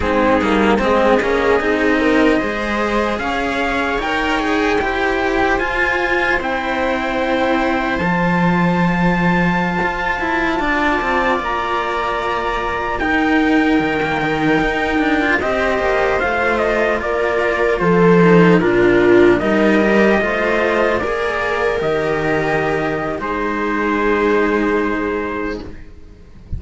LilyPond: <<
  \new Staff \with { instrumentName = "trumpet" } { \time 4/4 \tempo 4 = 75 gis'4 dis''2. | f''4 g''2 gis''4 | g''2 a''2~ | a''2~ a''16 ais''4.~ ais''16~ |
ais''16 g''2. dis''8.~ | dis''16 f''8 dis''8 d''4 c''4 ais'8.~ | ais'16 dis''2 d''4 dis''8.~ | dis''4 c''2. | }
  \new Staff \with { instrumentName = "viola" } { \time 4/4 dis'4 gis'4. ais'8 c''4 | cis''2 c''2~ | c''1~ | c''4~ c''16 d''2~ d''8.~ |
d''16 ais'2. c''8.~ | c''4~ c''16 ais'4 a'4 f'8.~ | f'16 ais'4 c''4 ais'4.~ ais'16~ | ais'4 gis'2. | }
  \new Staff \with { instrumentName = "cello" } { \time 4/4 c'8 ais8 c'8 cis'8 dis'4 gis'4~ | gis'4 ais'8 gis'8 g'4 f'4 | e'2 f'2~ | f'1~ |
f'16 dis'4~ dis'16 ais16 dis'4~ dis'16 f'16 g'8.~ | g'16 f'2~ f'8 dis'8 d'8.~ | d'16 dis'8 g'8 f'4 gis'4 g'8.~ | g'4 dis'2. | }
  \new Staff \with { instrumentName = "cello" } { \time 4/4 gis8 g8 gis8 ais8 c'4 gis4 | cis'4 dis'4 e'4 f'4 | c'2 f2~ | f16 f'8 e'8 d'8 c'8 ais4.~ ais16~ |
ais16 dis'4 dis4 dis'8 d'8 c'8 ais16~ | ais16 a4 ais4 f4 ais,8.~ | ais,16 g4 a4 ais4 dis8.~ | dis4 gis2. | }
>>